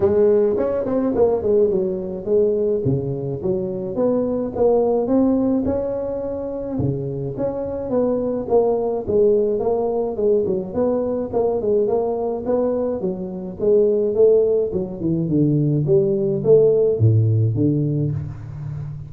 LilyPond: \new Staff \with { instrumentName = "tuba" } { \time 4/4 \tempo 4 = 106 gis4 cis'8 c'8 ais8 gis8 fis4 | gis4 cis4 fis4 b4 | ais4 c'4 cis'2 | cis4 cis'4 b4 ais4 |
gis4 ais4 gis8 fis8 b4 | ais8 gis8 ais4 b4 fis4 | gis4 a4 fis8 e8 d4 | g4 a4 a,4 d4 | }